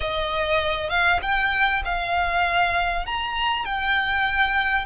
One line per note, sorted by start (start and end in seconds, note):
0.00 0.89 D#5
0.89 1.20 F5
1.22 1.82 G5
1.84 3.06 F5
3.06 3.65 A#5
3.65 4.85 G5